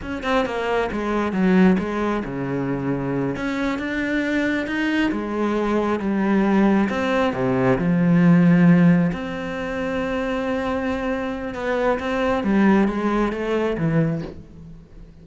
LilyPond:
\new Staff \with { instrumentName = "cello" } { \time 4/4 \tempo 4 = 135 cis'8 c'8 ais4 gis4 fis4 | gis4 cis2~ cis8 cis'8~ | cis'8 d'2 dis'4 gis8~ | gis4. g2 c'8~ |
c'8 c4 f2~ f8~ | f8 c'2.~ c'8~ | c'2 b4 c'4 | g4 gis4 a4 e4 | }